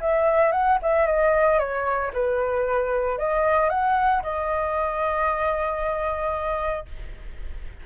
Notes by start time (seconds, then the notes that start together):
0.00 E5
0.51 F#5
0.82 E5
1.06 D#5
1.59 C#5
2.13 B4
3.18 D#5
3.69 F#5
4.22 D#5